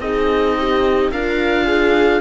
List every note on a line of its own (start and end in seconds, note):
0.00 1.11 C4
0.00 1.12 D#4
0.00 0.57 G#4
0.00 1.11 D#5
0.58 1.12 G4
1.11 2.21 D4
1.11 2.21 F4
1.11 1.65 A#4
1.11 2.21 F5
1.65 2.20 G#4